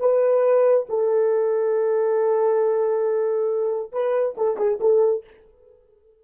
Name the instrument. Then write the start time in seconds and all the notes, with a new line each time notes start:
horn
0.00 B4
0.89 A4
3.92 B4
4.38 A4
4.57 G#4
4.80 A4